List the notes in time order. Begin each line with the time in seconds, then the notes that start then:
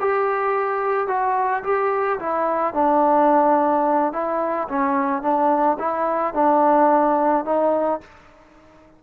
0.00 G4
1.07 F#4
1.63 G4
2.19 E4
2.73 D4
4.12 E4
4.69 C#4
5.22 D4
5.79 E4
6.34 D4
7.45 D#4